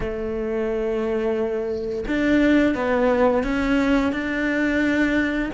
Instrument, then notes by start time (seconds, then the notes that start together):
cello
0.00 A3
2.07 D4
2.74 B3
3.43 C#4
4.12 D4